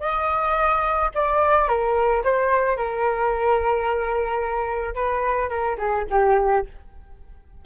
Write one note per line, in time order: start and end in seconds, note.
0.00 1.10 D#5
1.15 1.68 D5
1.68 2.23 A#4
2.24 2.77 C5
2.77 4.95 A#4
4.95 5.49 B4
5.49 5.77 A#4
5.78 6.05 G#4
6.10 6.65 G4